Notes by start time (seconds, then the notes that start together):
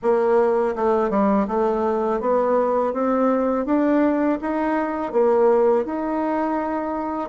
0.02 A#3
0.75 A3
1.10 G3
1.47 A3
2.20 B3
2.93 C4
3.66 D4
4.41 D#4
5.12 A#3
5.85 D#4